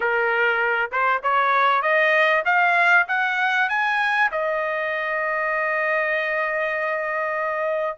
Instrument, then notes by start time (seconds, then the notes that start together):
trumpet
0.00 A#4
0.91 C5
1.22 C#5
1.82 D#5
2.45 F5
3.08 F#5
3.69 G#5
4.31 D#5